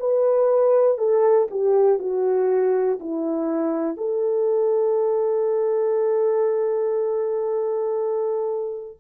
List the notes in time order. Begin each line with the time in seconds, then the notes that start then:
0.00 B4
0.98 A4
1.50 G4
2.00 F#4
3.00 E4
3.97 A4